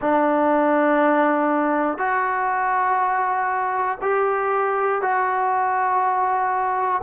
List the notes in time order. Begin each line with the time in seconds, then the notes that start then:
0.00 D4
1.98 F#4
4.01 G4
5.01 F#4